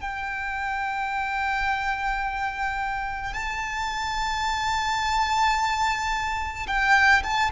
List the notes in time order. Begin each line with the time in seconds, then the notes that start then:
0.00 G5
3.33 A5
6.67 G5
7.23 A5